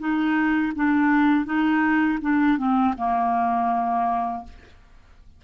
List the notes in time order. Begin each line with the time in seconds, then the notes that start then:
0.00 D#4
0.76 D4
1.46 D#4
2.22 D4
2.58 C4
2.98 A#3